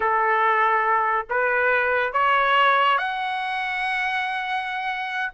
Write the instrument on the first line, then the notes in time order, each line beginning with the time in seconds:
trumpet
0.00 A4
1.29 B4
2.12 C#5
2.97 F#5